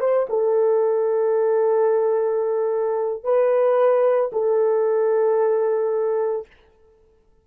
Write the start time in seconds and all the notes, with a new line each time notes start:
0.00 C5
0.29 A4
3.24 B4
4.33 A4